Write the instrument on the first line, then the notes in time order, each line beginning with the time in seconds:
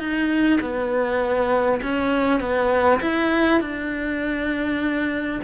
cello
0.00 D#4
0.61 B3
1.83 C#4
2.41 B3
3.02 E4
3.61 D4